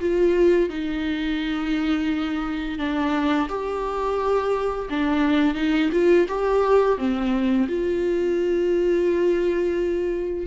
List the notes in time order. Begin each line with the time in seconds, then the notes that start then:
0.00 F4
0.69 D#4
2.78 D4
3.49 G4
4.90 D4
5.55 D#4
5.92 F4
6.28 G4
6.98 C4
7.68 F4